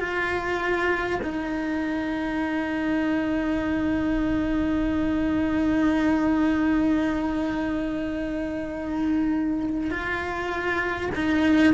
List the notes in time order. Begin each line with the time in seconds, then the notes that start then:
0.00 F4
1.23 D#4
9.90 F4
11.14 D#4